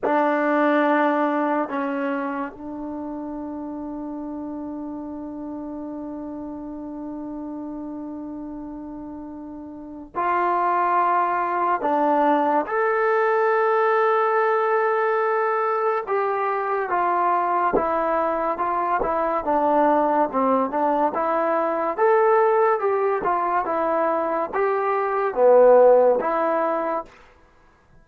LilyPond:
\new Staff \with { instrumentName = "trombone" } { \time 4/4 \tempo 4 = 71 d'2 cis'4 d'4~ | d'1~ | d'1 | f'2 d'4 a'4~ |
a'2. g'4 | f'4 e'4 f'8 e'8 d'4 | c'8 d'8 e'4 a'4 g'8 f'8 | e'4 g'4 b4 e'4 | }